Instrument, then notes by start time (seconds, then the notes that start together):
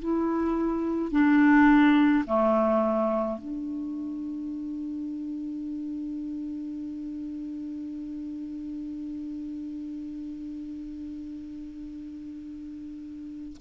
clarinet
0.00 E4
1.12 D4
2.26 A3
3.39 D4